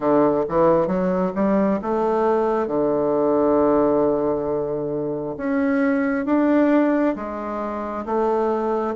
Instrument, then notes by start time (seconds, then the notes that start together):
bassoon
0.00 D3
0.48 E3
0.87 F#3
1.35 G3
1.82 A3
2.67 D3
5.37 C#4
6.25 D4
7.15 G#3
8.05 A3